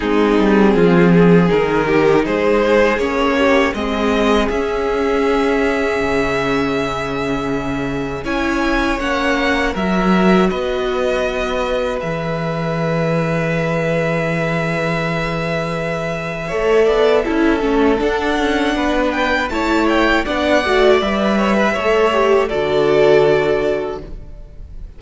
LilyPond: <<
  \new Staff \with { instrumentName = "violin" } { \time 4/4 \tempo 4 = 80 gis'2 ais'4 c''4 | cis''4 dis''4 e''2~ | e''2. gis''4 | fis''4 e''4 dis''2 |
e''1~ | e''1 | fis''4. g''8 a''8 g''8 fis''4 | e''2 d''2 | }
  \new Staff \with { instrumentName = "violin" } { \time 4/4 dis'4 f'8 gis'4 g'8 gis'4~ | gis'8 g'8 gis'2.~ | gis'2. cis''4~ | cis''4 ais'4 b'2~ |
b'1~ | b'2 cis''8 d''8 a'4~ | a'4 b'4 cis''4 d''4~ | d''8 cis''16 b'16 cis''4 a'2 | }
  \new Staff \with { instrumentName = "viola" } { \time 4/4 c'2 dis'2 | cis'4 c'4 cis'2~ | cis'2. e'4 | cis'4 fis'2. |
gis'1~ | gis'2 a'4 e'8 cis'8 | d'2 e'4 d'8 fis'8 | b'4 a'8 g'8 fis'2 | }
  \new Staff \with { instrumentName = "cello" } { \time 4/4 gis8 g8 f4 dis4 gis4 | ais4 gis4 cis'2 | cis2. cis'4 | ais4 fis4 b2 |
e1~ | e2 a8 b8 cis'8 a8 | d'8 cis'8 b4 a4 b8 a8 | g4 a4 d2 | }
>>